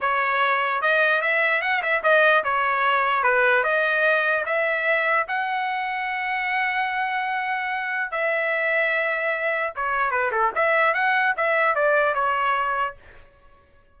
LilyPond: \new Staff \with { instrumentName = "trumpet" } { \time 4/4 \tempo 4 = 148 cis''2 dis''4 e''4 | fis''8 e''8 dis''4 cis''2 | b'4 dis''2 e''4~ | e''4 fis''2.~ |
fis''1 | e''1 | cis''4 b'8 a'8 e''4 fis''4 | e''4 d''4 cis''2 | }